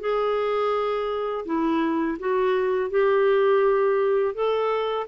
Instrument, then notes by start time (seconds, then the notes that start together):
clarinet
0.00 G#4
1.45 E4
2.19 F#4
2.90 G4
4.34 A4